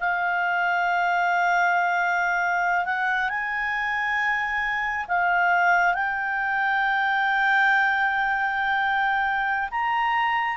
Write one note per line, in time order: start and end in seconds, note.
0.00 2.85 F5
2.85 3.29 F#5
3.29 5.06 G#5
5.08 5.94 F5
5.94 9.69 G5
9.71 10.56 A#5